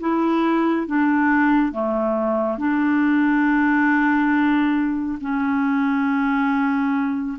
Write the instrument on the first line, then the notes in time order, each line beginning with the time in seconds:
clarinet
0.00 E4
0.87 D4
1.72 A3
2.58 D4
5.21 C#4